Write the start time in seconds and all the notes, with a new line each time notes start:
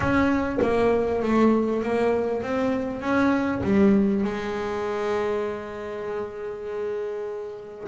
0.00 C#4
0.61 A#3
1.22 A3
1.82 A#3
2.42 C4
3.01 C#4
3.63 G3
4.24 G#3